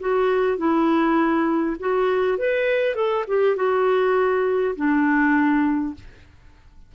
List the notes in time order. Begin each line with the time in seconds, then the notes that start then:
0.00 F#4
0.57 E4
1.79 F#4
2.38 B4
2.95 A4
3.27 G4
3.56 F#4
4.75 D4